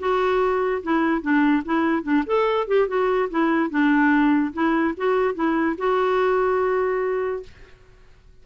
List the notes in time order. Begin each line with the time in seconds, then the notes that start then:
0.00 F#4
0.84 E4
1.22 D4
1.65 E4
2.04 D4
2.26 A4
2.68 G4
2.88 F#4
3.31 E4
3.71 D4
4.54 E4
4.97 F#4
5.35 E4
5.78 F#4